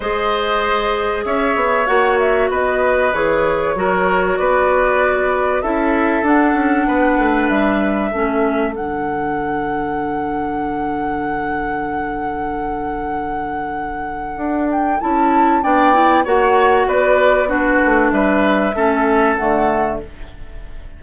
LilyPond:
<<
  \new Staff \with { instrumentName = "flute" } { \time 4/4 \tempo 4 = 96 dis''2 e''4 fis''8 e''8 | dis''4 cis''2 d''4~ | d''4 e''4 fis''2 | e''2 fis''2~ |
fis''1~ | fis''2.~ fis''8 g''8 | a''4 g''4 fis''4 d''4 | b'4 e''2 fis''4 | }
  \new Staff \with { instrumentName = "oboe" } { \time 4/4 c''2 cis''2 | b'2 ais'4 b'4~ | b'4 a'2 b'4~ | b'4 a'2.~ |
a'1~ | a'1~ | a'4 d''4 cis''4 b'4 | fis'4 b'4 a'2 | }
  \new Staff \with { instrumentName = "clarinet" } { \time 4/4 gis'2. fis'4~ | fis'4 gis'4 fis'2~ | fis'4 e'4 d'2~ | d'4 cis'4 d'2~ |
d'1~ | d'1 | e'4 d'8 e'8 fis'2 | d'2 cis'4 a4 | }
  \new Staff \with { instrumentName = "bassoon" } { \time 4/4 gis2 cis'8 b8 ais4 | b4 e4 fis4 b4~ | b4 cis'4 d'8 cis'8 b8 a8 | g4 a4 d2~ |
d1~ | d2. d'4 | cis'4 b4 ais4 b4~ | b8 a8 g4 a4 d4 | }
>>